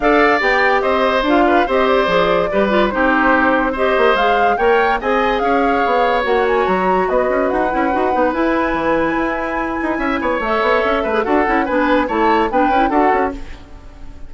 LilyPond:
<<
  \new Staff \with { instrumentName = "flute" } { \time 4/4 \tempo 4 = 144 f''4 g''4 dis''4 f''4 | dis''8 d''2~ d''8 c''4~ | c''4 dis''4 f''4 g''4 | gis''4 f''2 fis''8 gis''8 |
ais''4 dis''4 fis''2 | gis''1~ | gis''4 e''2 fis''4 | gis''4 a''4 g''4 fis''4 | }
  \new Staff \with { instrumentName = "oboe" } { \time 4/4 d''2 c''4. b'8 | c''2 b'4 g'4~ | g'4 c''2 cis''4 | dis''4 cis''2.~ |
cis''4 b'2.~ | b'1 | e''8 cis''2 b'8 a'4 | b'4 cis''4 b'4 a'4 | }
  \new Staff \with { instrumentName = "clarinet" } { \time 4/4 a'4 g'2 f'4 | g'4 gis'4 g'8 f'8 dis'4~ | dis'4 g'4 gis'4 ais'4 | gis'2. fis'4~ |
fis'2~ fis'8 e'8 fis'8 dis'8 | e'1~ | e'4 a'4.~ a'16 gis'16 fis'8 e'8 | d'4 e'4 d'8 e'8 fis'4 | }
  \new Staff \with { instrumentName = "bassoon" } { \time 4/4 d'4 b4 c'4 d'4 | c'4 f4 g4 c'4~ | c'4. ais8 gis4 ais4 | c'4 cis'4 b4 ais4 |
fis4 b8 cis'8 dis'8 cis'8 dis'8 b8 | e'4 e4 e'4. dis'8 | cis'8 b8 a8 b8 cis'8 a8 d'8 cis'8 | b4 a4 b8 cis'8 d'8 cis'8 | }
>>